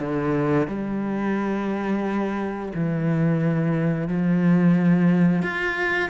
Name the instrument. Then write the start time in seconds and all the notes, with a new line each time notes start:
cello
0.00 D3
0.68 G3
2.75 E3
4.08 F3
5.43 F4